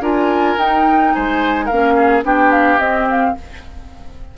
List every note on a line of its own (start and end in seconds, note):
0.00 0.56 D4
0.00 0.57 F4
0.00 1.13 A#4
0.00 0.58 G#5
0.57 1.12 D#4
0.57 1.70 D#4
0.57 1.13 G5
1.13 1.70 G#3
1.13 1.65 C5
1.13 1.66 G#5
1.65 2.23 A#3
1.65 2.23 C#4
1.65 1.93 A#4
1.65 2.21 F5
1.96 2.24 G#4
2.23 2.78 B3
2.23 2.78 D4
2.23 3.36 G4
2.23 2.51 G5
2.51 2.79 F5
2.78 3.34 C4
2.78 3.36 C4
2.78 3.07 D#5
3.09 3.37 F5